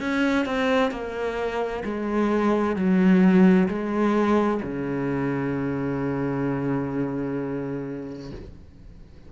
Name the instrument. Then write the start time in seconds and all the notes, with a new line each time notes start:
cello
0.00 C#4
0.46 C4
0.91 A#3
1.85 G#3
2.76 F#3
3.69 G#3
4.63 C#3